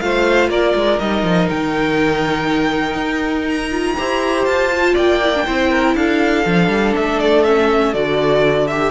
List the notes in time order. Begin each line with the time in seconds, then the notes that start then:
0.00 A3 F4 C5 F5
0.49 A#3 A#4 D5
0.75 G#3
0.99 G3 D#4 D#5
1.23 F3
1.50 D#3 G5
2.95 D#4
3.48 A#5
3.71 F4
3.97 E4 G4 C5
4.45 F4 A5
4.73 F4
4.94 A#3 D5 G5
5.23 E4
5.35 D4
5.46 C4 E4 C5
5.71 A#4
5.95 D4 A4 F5
6.46 F3 D4
6.68 G3
6.96 A3 E5
7.19 D5
7.44 C#4 E5
7.94 D3 F#4 D5
8.67 G4 E5